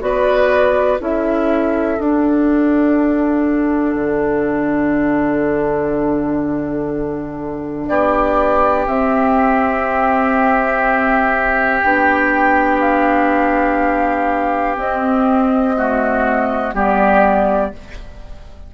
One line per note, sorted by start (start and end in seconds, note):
0.00 1.00 B3
0.00 0.98 F#4
0.00 1.01 B4
0.00 1.00 D5
1.00 1.99 C#4
1.00 1.98 E4
1.00 7.89 A4
1.00 2.01 E5
1.99 3.95 D4
1.99 8.87 D4
1.99 7.87 F#5
3.95 7.88 D3
7.87 8.87 B3
7.87 15.76 G4
7.87 8.86 D5
8.87 11.82 C4
8.87 11.83 C4
8.87 11.82 E5
11.82 14.77 B3
11.82 14.75 D4
11.82 12.80 G5
12.81 14.77 F5
14.75 15.74 C4
14.75 16.74 C4
14.75 16.75 D#5
15.76 16.74 A3
15.76 16.75 F#4
16.74 17.72 G3
16.74 17.72 B3
16.74 17.73 G4
16.74 17.74 D5